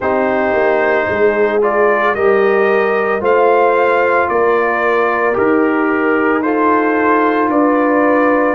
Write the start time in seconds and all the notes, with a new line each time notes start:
0.00 C4 D#4 G4 C5
0.53 A#3
1.08 G#3 G#4
1.61 F4 D5
2.14 G3 G4 A#4 D#5
3.20 A3 F4 C5 F5
4.28 A#3 A#4 D5
5.33 D#4 G4 A#4
6.42 F4 A4 C5
7.49 D4 B4 D5